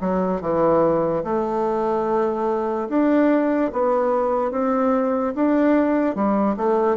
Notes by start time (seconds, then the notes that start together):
0.00 F#3
0.41 E3
1.24 A3
2.88 D4
3.72 B3
4.51 C4
5.35 D4
6.15 G3
6.56 A3